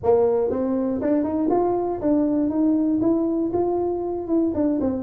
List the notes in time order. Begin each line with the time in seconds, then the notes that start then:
0.03 A#3
0.50 C4
1.01 D4
1.23 D#4
1.50 F4
2.01 D4
2.49 D#4
3.01 E4
3.53 F4
4.27 E4
4.54 D4
4.80 C4